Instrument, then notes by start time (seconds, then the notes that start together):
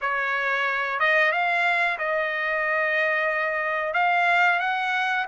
trumpet
0.01 C#5
0.99 D#5
1.32 F5
1.98 D#5
3.93 F5
4.59 F#5